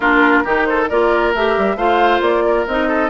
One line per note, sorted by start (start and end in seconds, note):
0.00 0.43 A#3
0.00 0.45 D4
0.00 0.43 F4
0.00 0.63 A#4
0.44 0.90 D#3
0.44 0.89 D#4
0.44 0.66 G4
0.64 0.89 A4
0.64 0.86 C5
0.89 1.34 A#3
0.89 1.35 F4
0.89 1.76 A#4
0.89 1.33 D5
1.34 1.57 A3
1.34 1.77 G4
1.34 1.77 E5
1.57 1.75 G3
1.75 2.20 A3
1.75 2.66 F4
1.75 2.43 C5
1.75 2.21 F5
2.20 2.65 A#3
2.20 2.66 D5
2.46 2.88 A#4
2.67 3.10 C4
2.67 3.10 D#4
2.67 3.10 D#5
2.88 3.10 A4